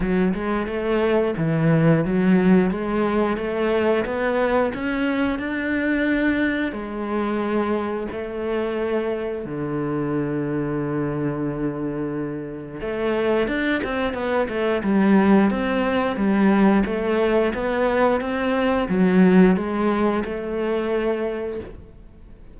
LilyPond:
\new Staff \with { instrumentName = "cello" } { \time 4/4 \tempo 4 = 89 fis8 gis8 a4 e4 fis4 | gis4 a4 b4 cis'4 | d'2 gis2 | a2 d2~ |
d2. a4 | d'8 c'8 b8 a8 g4 c'4 | g4 a4 b4 c'4 | fis4 gis4 a2 | }